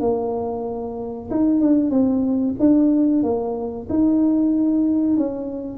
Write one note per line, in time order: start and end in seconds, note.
0.00 1.29 A#3
1.30 1.60 D#4
1.60 1.90 D4
1.90 2.55 C4
2.59 3.23 D4
3.23 3.87 A#3
3.89 5.16 D#4
5.16 5.78 C#4